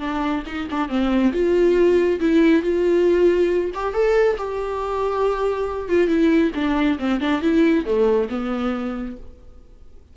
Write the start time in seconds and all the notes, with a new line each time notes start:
0.00 D4
0.47 D#4
0.71 D4
0.89 C4
1.33 F4
2.20 E4
2.63 F4
3.75 G4
3.94 A4
4.38 G4
5.89 F4
6.08 E4
6.55 D4
6.99 C4
7.21 D4
7.42 E4
7.85 A3
8.30 B3